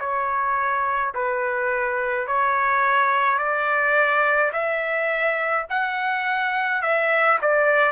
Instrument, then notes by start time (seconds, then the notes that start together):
trumpet
0.00 C#5
1.14 B4
2.27 C#5
3.39 D5
4.53 E5
5.70 F#5
6.82 E5
7.42 D5